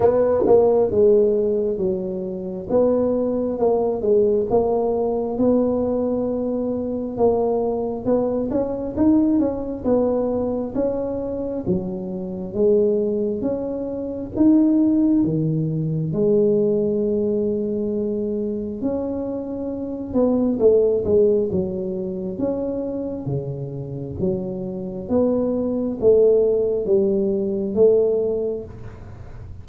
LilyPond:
\new Staff \with { instrumentName = "tuba" } { \time 4/4 \tempo 4 = 67 b8 ais8 gis4 fis4 b4 | ais8 gis8 ais4 b2 | ais4 b8 cis'8 dis'8 cis'8 b4 | cis'4 fis4 gis4 cis'4 |
dis'4 dis4 gis2~ | gis4 cis'4. b8 a8 gis8 | fis4 cis'4 cis4 fis4 | b4 a4 g4 a4 | }